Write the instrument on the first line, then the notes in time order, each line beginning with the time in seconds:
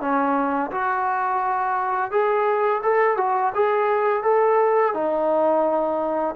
trombone
0.00 C#4
0.71 F#4
2.11 G#4
2.83 A4
3.17 F#4
3.55 G#4
4.23 A4
4.94 D#4